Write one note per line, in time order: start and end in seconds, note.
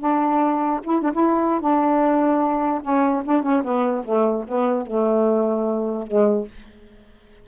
0.00 0.81 D4
0.84 1.03 E4
1.03 1.13 D4
1.13 1.61 E4
1.61 2.82 D4
2.83 3.23 C#4
3.25 3.43 D4
3.43 3.63 C#4
3.64 4.04 B3
4.05 4.45 A3
4.48 4.87 B3
4.87 6.07 A3
6.07 6.48 G#3